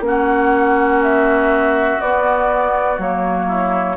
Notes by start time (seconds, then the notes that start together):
0.00 A#3 C#4 F#5
0.08 F#4
1.03 E5
2.00 B3 D5
2.98 F#3 A#3 C#5
3.47 E4